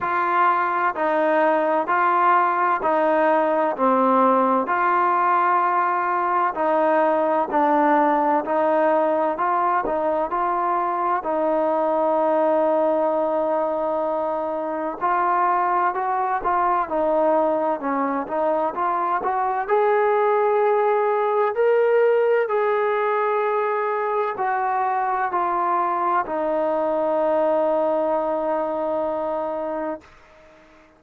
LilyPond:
\new Staff \with { instrumentName = "trombone" } { \time 4/4 \tempo 4 = 64 f'4 dis'4 f'4 dis'4 | c'4 f'2 dis'4 | d'4 dis'4 f'8 dis'8 f'4 | dis'1 |
f'4 fis'8 f'8 dis'4 cis'8 dis'8 | f'8 fis'8 gis'2 ais'4 | gis'2 fis'4 f'4 | dis'1 | }